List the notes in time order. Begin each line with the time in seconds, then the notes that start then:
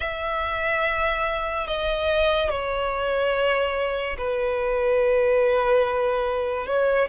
0.00 E5
1.67 D#5
2.50 C#5
4.18 B4
6.66 C#5